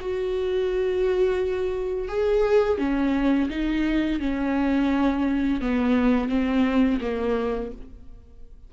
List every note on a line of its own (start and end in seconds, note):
0.00 2.09 F#4
2.09 2.79 G#4
2.79 3.49 C#4
3.49 4.20 D#4
4.20 5.61 C#4
5.61 6.29 B3
6.29 7.00 C4
7.01 7.71 A#3